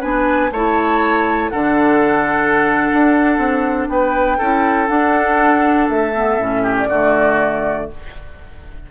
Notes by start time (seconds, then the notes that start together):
0.00 B3 D4 B4 G#5
0.51 A3 E4 C#5 A5
1.49 D3 D4 A4 F#5
2.92 D4
3.38 C4
3.88 B3 B4 G5
4.38 C#4 E4 A4
4.87 D4 F#5
5.89 A3 E5
6.15 B3
6.38 A2 C#4
6.62 G4
6.78 D5
6.89 D3 A3 F#4